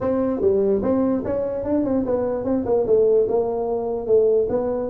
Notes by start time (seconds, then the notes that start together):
0.01 C4
0.40 G3
0.82 C4
1.24 C#4
1.64 D4
1.84 C4
2.05 B3
2.44 C4
2.65 A#3
2.86 A3
3.28 A#3
4.06 A3
4.49 B3